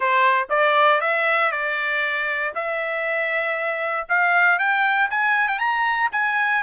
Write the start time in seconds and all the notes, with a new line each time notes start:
0.00 C5
0.49 D5
1.01 E5
1.51 D5
2.54 E5
4.08 F5
4.58 G5
5.10 G#5
5.48 G5
5.58 A#5
6.12 G#5